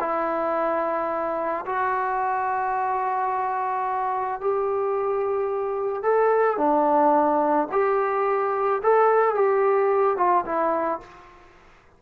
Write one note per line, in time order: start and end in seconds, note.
0.00 1.65 E4
1.66 4.40 F#4
4.40 6.03 G4
6.03 6.58 A4
6.58 7.68 D4
7.72 8.82 G4
8.82 9.35 A4
9.35 10.17 G4
10.17 10.45 F4
10.45 11.00 E4